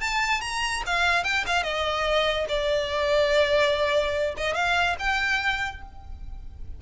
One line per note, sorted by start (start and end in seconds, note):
0.00 0.41 A5
0.41 0.82 A#5
0.86 1.24 F5
1.24 1.44 G5
1.46 1.63 F5
1.63 2.46 D#5
2.48 4.35 D5
4.37 4.54 D#5
4.54 4.96 F5
4.99 5.82 G5